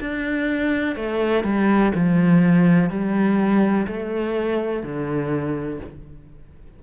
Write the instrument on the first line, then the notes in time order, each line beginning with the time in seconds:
cello
0.00 D4
0.96 A3
1.44 G3
1.94 F3
2.90 G3
3.87 A3
4.83 D3